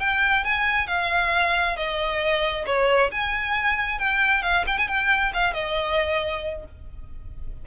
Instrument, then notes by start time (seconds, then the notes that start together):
violin
0.00 G5
0.45 G#5
0.87 F5
1.77 D#5
2.66 C#5
3.12 G#5
3.99 G5
4.43 F5
4.67 G5
4.78 G#5
4.88 G5
5.34 F5
5.54 D#5